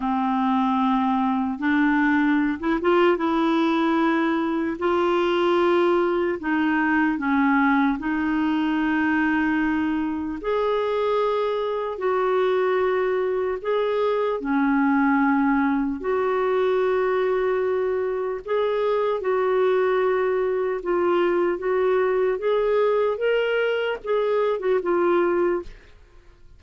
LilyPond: \new Staff \with { instrumentName = "clarinet" } { \time 4/4 \tempo 4 = 75 c'2 d'4~ d'16 e'16 f'8 | e'2 f'2 | dis'4 cis'4 dis'2~ | dis'4 gis'2 fis'4~ |
fis'4 gis'4 cis'2 | fis'2. gis'4 | fis'2 f'4 fis'4 | gis'4 ais'4 gis'8. fis'16 f'4 | }